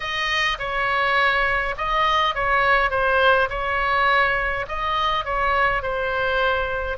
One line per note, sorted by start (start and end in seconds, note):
0.00 0.57 D#5
0.58 1.75 C#5
1.77 2.35 D#5
2.35 2.90 C#5
2.90 3.48 C5
3.49 4.66 C#5
4.68 5.25 D#5
5.25 5.82 C#5
5.82 6.97 C5